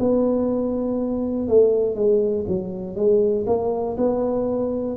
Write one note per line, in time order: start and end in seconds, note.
0.00 1.48 B3
1.48 1.95 A3
1.95 2.45 G#3
2.48 2.96 F#3
2.96 3.46 G#3
3.47 3.97 A#3
3.97 4.97 B3